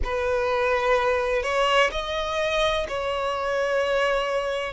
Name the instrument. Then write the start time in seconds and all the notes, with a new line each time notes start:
violin
0.03 B4
1.42 C#5
1.91 D#5
2.88 C#5